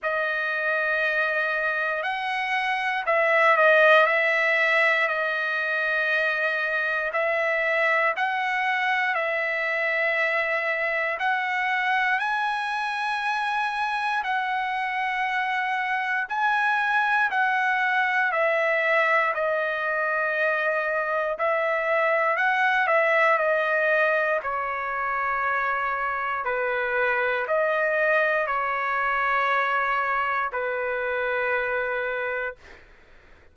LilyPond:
\new Staff \with { instrumentName = "trumpet" } { \time 4/4 \tempo 4 = 59 dis''2 fis''4 e''8 dis''8 | e''4 dis''2 e''4 | fis''4 e''2 fis''4 | gis''2 fis''2 |
gis''4 fis''4 e''4 dis''4~ | dis''4 e''4 fis''8 e''8 dis''4 | cis''2 b'4 dis''4 | cis''2 b'2 | }